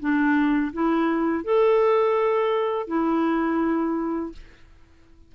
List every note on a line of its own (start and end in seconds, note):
0.00 0.72 D4
0.73 1.44 E4
1.44 2.88 A4
2.88 4.32 E4